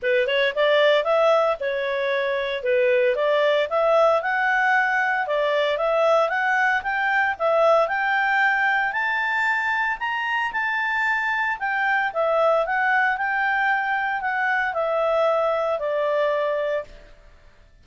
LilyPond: \new Staff \with { instrumentName = "clarinet" } { \time 4/4 \tempo 4 = 114 b'8 cis''8 d''4 e''4 cis''4~ | cis''4 b'4 d''4 e''4 | fis''2 d''4 e''4 | fis''4 g''4 e''4 g''4~ |
g''4 a''2 ais''4 | a''2 g''4 e''4 | fis''4 g''2 fis''4 | e''2 d''2 | }